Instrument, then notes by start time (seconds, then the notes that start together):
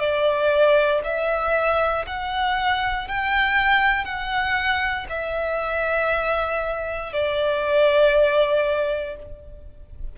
violin
0.00 D5
1.04 E5
2.07 F#5
3.09 G5
4.05 F#5
5.10 E5
7.13 D5